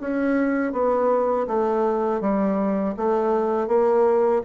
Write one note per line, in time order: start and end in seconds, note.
0.00 0.72 C#4
0.72 1.46 B3
1.47 2.21 A3
2.21 2.95 G3
2.96 3.67 A3
3.67 4.41 A#3